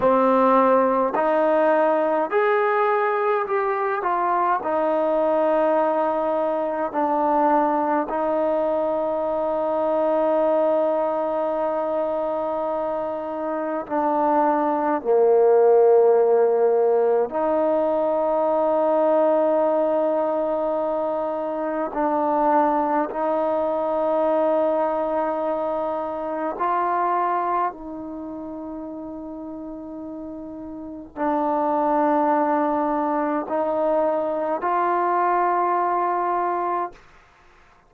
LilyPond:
\new Staff \with { instrumentName = "trombone" } { \time 4/4 \tempo 4 = 52 c'4 dis'4 gis'4 g'8 f'8 | dis'2 d'4 dis'4~ | dis'1 | d'4 ais2 dis'4~ |
dis'2. d'4 | dis'2. f'4 | dis'2. d'4~ | d'4 dis'4 f'2 | }